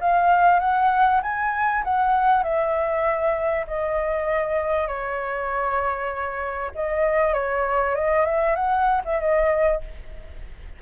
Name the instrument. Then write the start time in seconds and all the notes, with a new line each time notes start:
flute
0.00 F5
0.59 F#5
1.22 G#5
1.84 F#5
2.43 E5
3.67 D#5
4.87 C#5
6.75 D#5
7.34 C#5
7.95 D#5
8.25 E5
8.55 F#5
9.04 E5
9.20 D#5